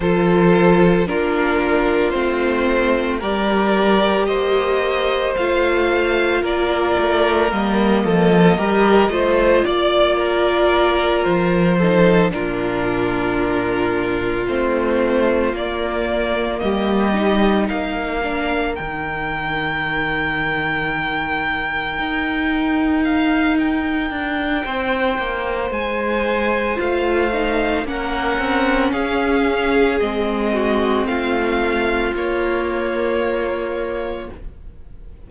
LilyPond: <<
  \new Staff \with { instrumentName = "violin" } { \time 4/4 \tempo 4 = 56 c''4 ais'4 c''4 d''4 | dis''4 f''4 d''4 dis''4~ | dis''4 d''4. c''4 ais'8~ | ais'4. c''4 d''4 dis''8~ |
dis''8 f''4 g''2~ g''8~ | g''4. f''8 g''2 | gis''4 f''4 fis''4 f''4 | dis''4 f''4 cis''2 | }
  \new Staff \with { instrumentName = "violin" } { \time 4/4 a'4 f'2 ais'4 | c''2 ais'4. a'8 | ais'8 c''8 d''8 ais'4. a'8 f'8~ | f'2.~ f'8 g'8~ |
g'8 ais'2.~ ais'8~ | ais'2. c''4~ | c''2 ais'4 gis'4~ | gis'8 fis'8 f'2. | }
  \new Staff \with { instrumentName = "viola" } { \time 4/4 f'4 d'4 c'4 g'4~ | g'4 f'2 ais4 | g'8 f'2~ f'8 dis'8 d'8~ | d'4. c'4 ais4. |
dis'4 d'8 dis'2~ dis'8~ | dis'1~ | dis'4 f'8 dis'8 cis'2 | c'2 ais2 | }
  \new Staff \with { instrumentName = "cello" } { \time 4/4 f4 ais4 a4 g4 | ais4 a4 ais8 a8 g8 f8 | g8 a8 ais4. f4 ais,8~ | ais,4. a4 ais4 g8~ |
g8 ais4 dis2~ dis8~ | dis8 dis'2 d'8 c'8 ais8 | gis4 a4 ais8 c'8 cis'4 | gis4 a4 ais2 | }
>>